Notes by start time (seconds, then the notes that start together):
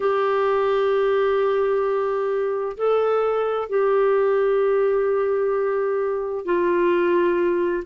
0.00 G4
2.77 A4
3.69 G4
6.45 F4